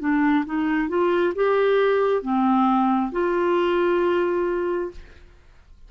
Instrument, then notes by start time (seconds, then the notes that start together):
clarinet
0.00 D4
0.46 D#4
0.89 F4
1.35 G4
2.22 C4
3.12 F4